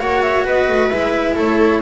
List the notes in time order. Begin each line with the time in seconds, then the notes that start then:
0.00 A#3 F#4 C#5 F#5
0.23 E5
0.45 B3 B4 D#5
0.69 A3
0.89 G#3 E4 E5
1.35 A3 A4 C#5